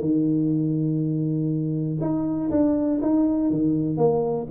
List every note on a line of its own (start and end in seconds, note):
0.00 1.98 D#3
2.01 2.50 D#4
2.50 3.00 D4
3.01 3.50 D#4
3.50 3.97 D#3
3.97 4.47 A#3